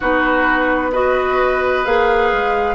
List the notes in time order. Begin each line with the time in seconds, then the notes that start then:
0.00 B3 D#4 F#4 B4
0.92 F#4 B4 D#5
1.84 A#3 G#4 F5
2.32 G#3